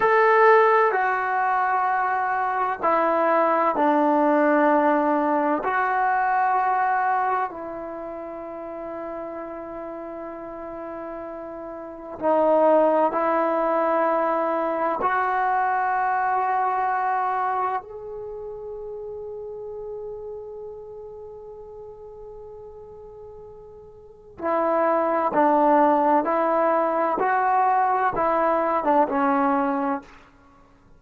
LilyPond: \new Staff \with { instrumentName = "trombone" } { \time 4/4 \tempo 4 = 64 a'4 fis'2 e'4 | d'2 fis'2 | e'1~ | e'4 dis'4 e'2 |
fis'2. gis'4~ | gis'1~ | gis'2 e'4 d'4 | e'4 fis'4 e'8. d'16 cis'4 | }